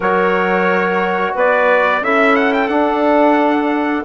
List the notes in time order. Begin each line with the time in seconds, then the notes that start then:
0.00 F#3 F#4 A#4 C#5
1.34 B3 B4 D5
2.01 C#4 E4 A4 E5
2.36 F#5
2.53 G5
2.68 D4 F#5